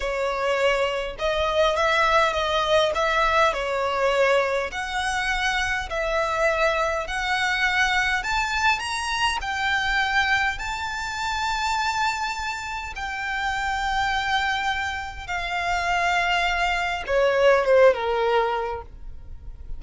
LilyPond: \new Staff \with { instrumentName = "violin" } { \time 4/4 \tempo 4 = 102 cis''2 dis''4 e''4 | dis''4 e''4 cis''2 | fis''2 e''2 | fis''2 a''4 ais''4 |
g''2 a''2~ | a''2 g''2~ | g''2 f''2~ | f''4 cis''4 c''8 ais'4. | }